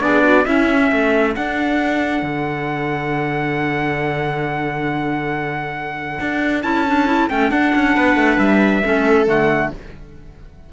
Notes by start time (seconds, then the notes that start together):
0.00 B3 D4 G#4 D5
0.23 F#4
0.45 C#4 E4 E5
0.90 A3 A4
1.34 D4 F#5
2.22 D3
6.20 D4
6.62 C#4 E4 A5
6.87 D4
7.07 E4
7.29 A3 C#4 G5
7.50 D4 F#5
7.75 C#4
7.95 B3 B4
8.15 A3
8.38 G3 E5
8.83 A3 C#4 A4
9.26 D3 A3 F#5